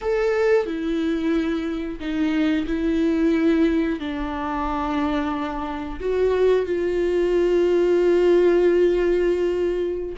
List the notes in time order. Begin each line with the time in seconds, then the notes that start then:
0.01 A4
0.65 E4
1.99 D#4
2.66 E4
3.99 D4
6.00 F#4
6.65 F4